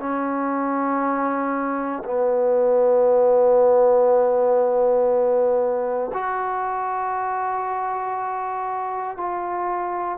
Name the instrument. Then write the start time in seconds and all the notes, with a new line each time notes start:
trombone
0.00 C#4
2.05 B3
6.13 F#4
9.17 F4